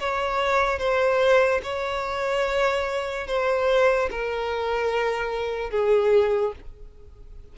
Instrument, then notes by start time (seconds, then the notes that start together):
violin
0.00 C#5
0.79 C5
1.64 C#5
3.27 C5
4.11 A#4
5.71 G#4